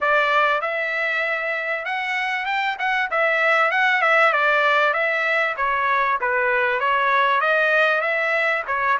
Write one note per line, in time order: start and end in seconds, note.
0.00 0.61 D5
0.61 1.85 E5
1.85 2.45 F#5
2.45 2.76 G5
2.78 3.09 F#5
3.10 3.71 E5
3.71 4.01 F#5
4.01 4.32 E5
4.32 4.93 D5
4.93 5.55 E5
5.57 6.19 C#5
6.20 6.80 B4
6.80 7.41 C#5
7.41 8.01 D#5
8.01 8.63 E5
8.67 8.97 C#5